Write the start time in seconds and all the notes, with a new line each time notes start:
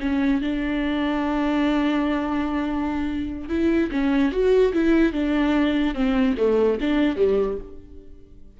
0.00 C#4
0.41 D4
3.49 E4
3.91 C#4
4.32 F#4
4.73 E4
5.12 D4
5.95 C4
6.37 A3
6.81 D4
7.16 G3